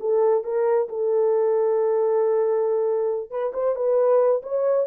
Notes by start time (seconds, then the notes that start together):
0.00 A4
0.44 A#4
0.89 A4
3.30 B4
3.54 C5
3.76 B4
4.43 C#5